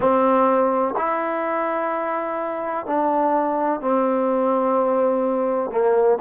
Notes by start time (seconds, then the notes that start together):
0.00 C4
0.97 E4
2.86 D4
3.81 C4
5.70 A#3